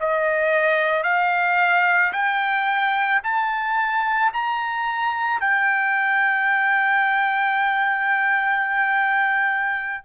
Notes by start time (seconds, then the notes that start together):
0.00 D#5
1.03 F5
2.12 G5
3.23 A5
4.33 A#5
5.40 G5